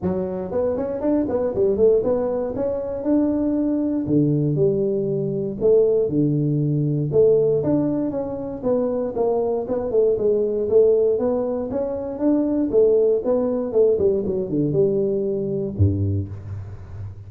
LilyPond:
\new Staff \with { instrumentName = "tuba" } { \time 4/4 \tempo 4 = 118 fis4 b8 cis'8 d'8 b8 g8 a8 | b4 cis'4 d'2 | d4 g2 a4 | d2 a4 d'4 |
cis'4 b4 ais4 b8 a8 | gis4 a4 b4 cis'4 | d'4 a4 b4 a8 g8 | fis8 d8 g2 g,4 | }